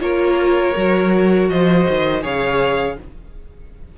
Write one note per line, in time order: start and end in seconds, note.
0.00 0.74 A#3
0.00 0.74 F4
0.00 1.51 A#4
0.00 1.49 C#5
0.76 1.49 F#3
0.76 2.21 F#4
1.49 1.86 F3
1.49 2.23 C5
1.49 2.24 D#5
1.89 2.23 D#3
2.21 2.97 C#3
2.21 2.96 G#4
2.21 2.97 C#5
2.21 2.98 F5